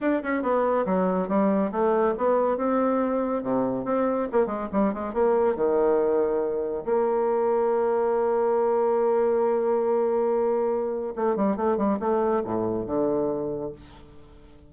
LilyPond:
\new Staff \with { instrumentName = "bassoon" } { \time 4/4 \tempo 4 = 140 d'8 cis'8 b4 fis4 g4 | a4 b4 c'2 | c4 c'4 ais8 gis8 g8 gis8 | ais4 dis2. |
ais1~ | ais1~ | ais2 a8 g8 a8 g8 | a4 a,4 d2 | }